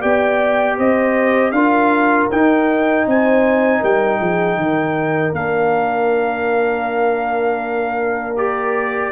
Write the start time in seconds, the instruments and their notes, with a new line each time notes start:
0.00 tuba B3, trombone G4, horn D5, trumpet G5
0.78 tuba C4, horn C5, trumpet D#5
1.51 tuba D4, trombone F4, horn A#4, trumpet F5
2.31 tuba D#4, trombone D#4, trumpet G5
3.06 tuba C4, horn C5, trumpet G#5
3.79 tuba G3, horn A#4, trumpet G5
4.20 tuba F3, horn G#4
4.56 tuba D#3, horn A#4
5.33 tuba A#3, trombone D4, trumpet F5
8.36 trombone G4, trumpet D5